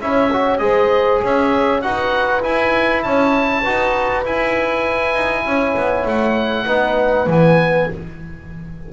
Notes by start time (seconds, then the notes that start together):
0.00 C#4 E4 C#5 E5
0.32 F#4
0.57 G#3 G#4 C5 D#5
1.21 C#4 C#5 E5
1.81 D#4 F#4 B4 F#5
2.41 E4 G#5
3.02 C#4 C#5 A5
3.61 D#4 F#4 B4
4.24 E4 G#5
5.14 D#4
5.45 C#4 C#5
5.76 B3
6.05 A3 F#5
6.65 B3 D#4 B4
7.26 E3 B3 G#5